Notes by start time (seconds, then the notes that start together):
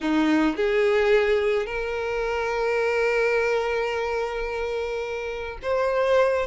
0.00 D#4
0.56 G#4
1.66 A#4
5.62 C5